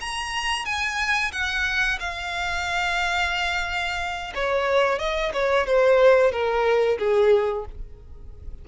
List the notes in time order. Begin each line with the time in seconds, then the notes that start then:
0.00 A#5
0.65 G#5
1.32 F#5
1.99 F5
4.34 C#5
4.98 D#5
5.33 C#5
5.66 C5
6.31 A#4
6.98 G#4